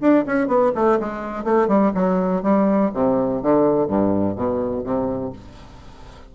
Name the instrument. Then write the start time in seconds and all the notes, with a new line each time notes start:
bassoon
0.00 D4
0.26 C#4
0.47 B3
0.75 A3
0.99 G#3
1.44 A3
1.67 G3
1.94 F#3
2.42 G3
2.93 C3
3.42 D3
3.87 G2
4.35 B2
4.83 C3